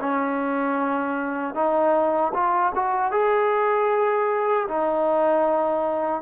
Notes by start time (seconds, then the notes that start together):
0.00 C#4
1.54 D#4
2.34 F4
2.75 F#4
3.11 G#4
4.68 D#4